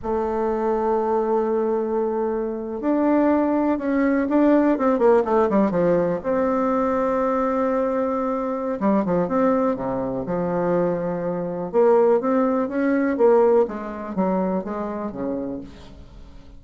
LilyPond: \new Staff \with { instrumentName = "bassoon" } { \time 4/4 \tempo 4 = 123 a1~ | a4.~ a16 d'2 cis'16~ | cis'8. d'4 c'8 ais8 a8 g8 f16~ | f8. c'2.~ c'16~ |
c'2 g8 f8 c'4 | c4 f2. | ais4 c'4 cis'4 ais4 | gis4 fis4 gis4 cis4 | }